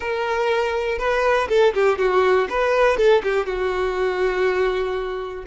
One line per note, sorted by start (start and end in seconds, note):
0.00 0.98 A#4
0.98 1.48 B4
1.49 1.73 A4
1.74 1.98 G4
1.98 2.48 F#4
2.49 2.97 B4
2.97 3.21 A4
3.23 3.46 G4
3.46 5.44 F#4